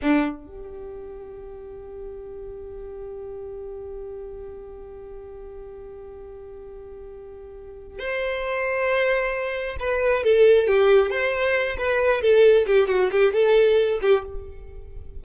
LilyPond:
\new Staff \with { instrumentName = "violin" } { \time 4/4 \tempo 4 = 135 d'4 g'2.~ | g'1~ | g'1~ | g'1~ |
g'2 c''2~ | c''2 b'4 a'4 | g'4 c''4. b'4 a'8~ | a'8 g'8 fis'8 g'8 a'4. g'8 | }